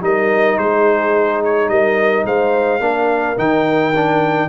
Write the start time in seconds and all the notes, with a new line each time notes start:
0.00 G3 D#4 A#4 D#5
0.58 G#3 G#4 C5
1.44 C#5
1.68 G3 A#4 D#5
2.25 G#3 C5 F5
2.80 A#3 D4 A#4
3.37 D#3 D#4 G5
3.95 D4